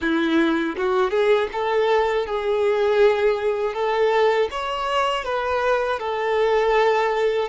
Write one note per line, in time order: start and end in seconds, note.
0.01 0.76 E4
0.76 1.10 F#4
1.10 1.48 G#4
1.52 2.26 A4
2.26 3.73 G#4
3.73 4.48 A4
4.50 5.24 C#5
5.24 5.99 B4
5.99 7.48 A4